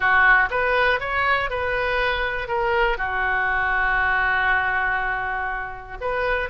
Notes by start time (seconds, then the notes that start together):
0.00 F#4
0.50 B4
1.00 C#5
1.50 B4
2.48 A#4
2.97 F#4
6.00 B4